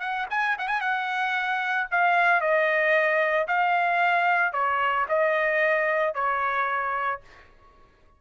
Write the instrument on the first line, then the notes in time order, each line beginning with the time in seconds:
trumpet
0.00 F#5
0.30 G#5
0.58 F#5
0.68 G#5
0.81 F#5
1.91 F5
2.41 D#5
3.48 F5
4.53 C#5
5.09 D#5
6.15 C#5